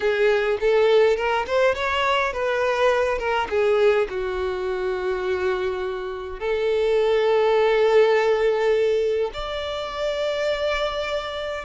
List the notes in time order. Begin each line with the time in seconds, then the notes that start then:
0.00 G#4
0.60 A4
1.16 A#4
1.46 C5
1.74 C#5
2.32 B4
3.18 A#4
3.49 G#4
4.09 F#4
6.39 A4
9.33 D5